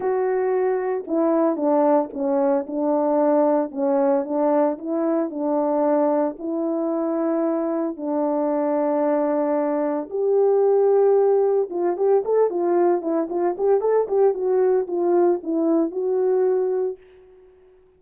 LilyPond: \new Staff \with { instrumentName = "horn" } { \time 4/4 \tempo 4 = 113 fis'2 e'4 d'4 | cis'4 d'2 cis'4 | d'4 e'4 d'2 | e'2. d'4~ |
d'2. g'4~ | g'2 f'8 g'8 a'8 f'8~ | f'8 e'8 f'8 g'8 a'8 g'8 fis'4 | f'4 e'4 fis'2 | }